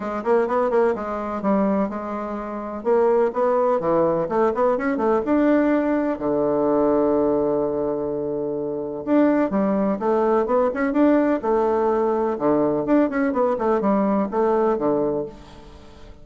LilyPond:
\new Staff \with { instrumentName = "bassoon" } { \time 4/4 \tempo 4 = 126 gis8 ais8 b8 ais8 gis4 g4 | gis2 ais4 b4 | e4 a8 b8 cis'8 a8 d'4~ | d'4 d2.~ |
d2. d'4 | g4 a4 b8 cis'8 d'4 | a2 d4 d'8 cis'8 | b8 a8 g4 a4 d4 | }